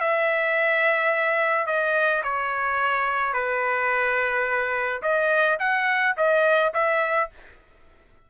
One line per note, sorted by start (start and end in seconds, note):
0.00 1.66 E5
1.66 2.22 D#5
2.23 3.33 C#5
3.33 5.01 B4
5.02 5.58 D#5
5.59 6.15 F#5
6.17 6.73 D#5
6.74 7.30 E5